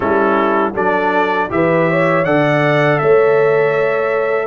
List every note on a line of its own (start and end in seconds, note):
0.00 0.73 G3
0.00 0.73 C#4
0.00 0.73 E4
0.00 0.73 A4
0.73 1.50 F#3
0.73 1.49 D4
0.73 1.48 A4
0.73 1.50 D5
1.49 2.25 E3
1.49 2.24 G4
1.49 1.90 B4
1.49 2.24 E5
1.90 2.26 C#5
2.24 3.00 D3
2.24 4.46 A4
2.24 3.01 D5
2.24 2.98 F#5
2.98 4.46 A3
2.98 4.46 C#5
2.98 4.46 E5